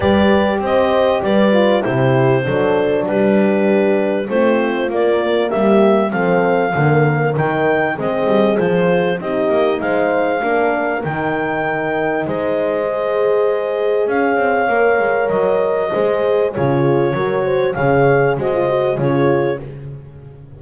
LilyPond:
<<
  \new Staff \with { instrumentName = "clarinet" } { \time 4/4 \tempo 4 = 98 d''4 dis''4 d''4 c''4~ | c''4 b'2 c''4 | d''4 e''4 f''2 | g''4 dis''4 c''4 dis''4 |
f''2 g''2 | dis''2. f''4~ | f''4 dis''2 cis''4~ | cis''4 f''4 dis''4 cis''4 | }
  \new Staff \with { instrumentName = "horn" } { \time 4/4 b'4 c''4 b'4 g'4 | a'4 g'2 f'4~ | f'4 g'4 a'4 ais'4~ | ais'4 gis'2 g'4 |
c''4 ais'2. | c''2. cis''4~ | cis''2 c''4 gis'4 | ais'8 c''8 cis''4 c''4 gis'4 | }
  \new Staff \with { instrumentName = "horn" } { \time 4/4 g'2~ g'8 f'8 e'4 | d'2. c'4 | ais2 c'4 ais4 | dis'4 c'4 f'4 dis'4~ |
dis'4 d'4 dis'2~ | dis'4 gis'2. | ais'2 gis'4 f'4 | fis'4 gis'4 fis'16 f'16 fis'8 f'4 | }
  \new Staff \with { instrumentName = "double bass" } { \time 4/4 g4 c'4 g4 c4 | fis4 g2 a4 | ais4 g4 f4 d4 | dis4 gis8 g8 f4 c'8 ais8 |
gis4 ais4 dis2 | gis2. cis'8 c'8 | ais8 gis8 fis4 gis4 cis4 | fis4 cis4 gis4 cis4 | }
>>